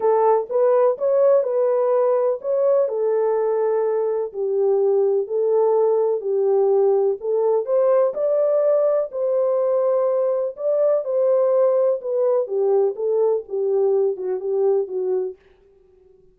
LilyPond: \new Staff \with { instrumentName = "horn" } { \time 4/4 \tempo 4 = 125 a'4 b'4 cis''4 b'4~ | b'4 cis''4 a'2~ | a'4 g'2 a'4~ | a'4 g'2 a'4 |
c''4 d''2 c''4~ | c''2 d''4 c''4~ | c''4 b'4 g'4 a'4 | g'4. fis'8 g'4 fis'4 | }